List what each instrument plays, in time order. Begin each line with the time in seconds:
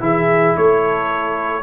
0.00 tuba E3, trombone E4, horn G#4, trumpet E5
0.57 tuba A3, horn A4, trumpet C#5